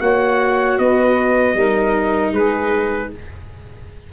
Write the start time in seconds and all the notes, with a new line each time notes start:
0.00 A#3 F#4 C#5 F#5
0.78 B3 B4 D#5
1.54 G3 D#4 A#4
2.32 G#3 G#4 B4